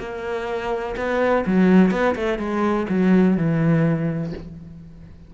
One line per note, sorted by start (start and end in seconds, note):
0.00 0.96 A#3
0.97 1.45 B3
1.46 1.91 F#3
1.91 2.15 B3
2.16 2.39 A3
2.39 2.87 G#3
2.89 3.37 F#3
3.38 4.34 E3